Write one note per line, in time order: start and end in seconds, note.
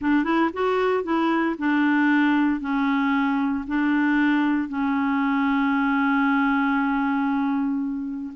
0.01 0.23 D4
0.23 0.50 E4
0.53 1.03 F#4
1.03 1.55 E4
1.58 2.60 D4
2.60 3.64 C#4
3.67 4.68 D4
4.68 8.33 C#4